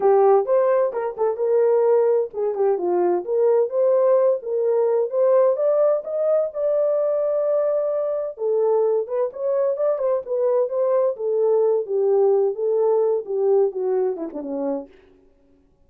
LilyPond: \new Staff \with { instrumentName = "horn" } { \time 4/4 \tempo 4 = 129 g'4 c''4 ais'8 a'8 ais'4~ | ais'4 gis'8 g'8 f'4 ais'4 | c''4. ais'4. c''4 | d''4 dis''4 d''2~ |
d''2 a'4. b'8 | cis''4 d''8 c''8 b'4 c''4 | a'4. g'4. a'4~ | a'8 g'4 fis'4 e'16 d'16 cis'4 | }